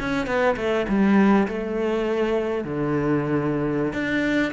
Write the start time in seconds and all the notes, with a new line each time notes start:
0.00 C#4
0.27 B3
0.57 A3
0.89 G3
1.48 A3
2.64 D3
3.93 D4